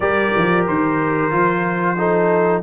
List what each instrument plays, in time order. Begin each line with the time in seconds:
0.00 tuba G3, trombone G4, horn A#4, trumpet D5
0.36 tuba F3
0.67 tuba D#3, trumpet C5
1.30 tuba F3, trombone F4
1.97 trombone D#4, horn A4